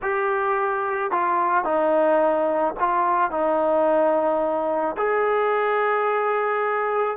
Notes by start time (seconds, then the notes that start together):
0.02 G4
1.11 F4
1.64 D#4
2.79 F4
3.30 D#4
4.97 G#4